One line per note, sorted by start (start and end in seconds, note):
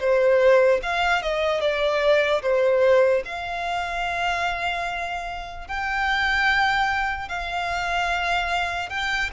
0.00 0.81 C5
0.83 1.22 F5
1.22 1.61 D#5
1.61 2.42 D5
2.43 3.24 C5
3.25 5.68 F5
5.68 7.29 G5
7.29 8.90 F5
8.90 9.30 G5